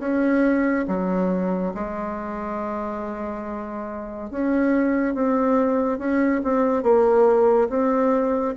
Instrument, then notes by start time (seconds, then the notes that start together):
bassoon
0.00 C#4
0.88 F#3
1.75 G#3
4.31 C#4
5.15 C4
5.98 C#4
6.44 C4
6.83 A#3
7.69 C4